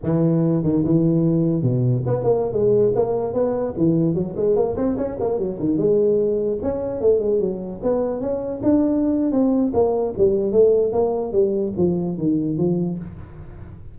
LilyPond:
\new Staff \with { instrumentName = "tuba" } { \time 4/4 \tempo 4 = 148 e4. dis8 e2 | b,4 b8 ais8. gis4 ais8.~ | ais16 b4 e4 fis8 gis8 ais8 c'16~ | c'16 cis'8 ais8 fis8 dis8 gis4.~ gis16~ |
gis16 cis'4 a8 gis8 fis4 b8.~ | b16 cis'4 d'4.~ d'16 c'4 | ais4 g4 a4 ais4 | g4 f4 dis4 f4 | }